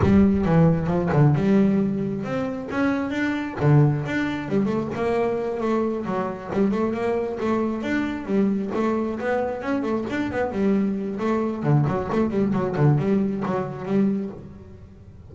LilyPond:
\new Staff \with { instrumentName = "double bass" } { \time 4/4 \tempo 4 = 134 g4 e4 f8 d8 g4~ | g4 c'4 cis'4 d'4 | d4 d'4 g8 a8 ais4~ | ais8 a4 fis4 g8 a8 ais8~ |
ais8 a4 d'4 g4 a8~ | a8 b4 cis'8 a8 d'8 b8 g8~ | g4 a4 d8 fis8 a8 g8 | fis8 d8 g4 fis4 g4 | }